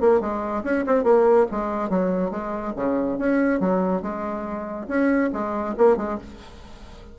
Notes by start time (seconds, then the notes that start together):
0.00 A#3
0.20 G#3
0.63 C#4
0.86 C4
1.03 A#3
1.51 G#3
1.89 F#3
2.30 G#3
2.75 C#3
3.18 C#4
3.59 F#3
4.01 G#3
4.87 C#4
5.32 G#3
5.77 A#3
5.97 G#3